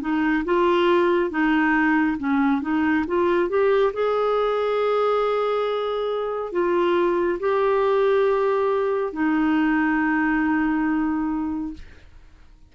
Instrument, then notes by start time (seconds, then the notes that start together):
clarinet
0.00 D#4
0.45 F4
1.30 D#4
2.18 C#4
2.61 D#4
3.07 F4
3.49 G4
3.93 G#4
6.52 F4
7.39 G4
9.12 D#4